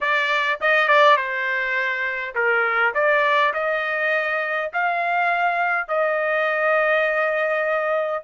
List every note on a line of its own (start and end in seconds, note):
0.00 0.59 D5
0.60 0.88 D#5
0.88 1.16 D5
1.16 2.34 C5
2.34 2.93 A#4
2.94 3.53 D5
3.53 4.71 D#5
4.73 5.88 F5
5.88 8.23 D#5